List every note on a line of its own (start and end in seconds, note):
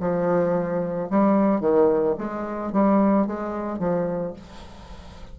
0.00 1.09 F3
1.10 1.61 G3
1.61 2.15 D#3
2.18 2.73 G#3
2.73 3.27 G3
3.27 3.79 G#3
3.79 4.33 F3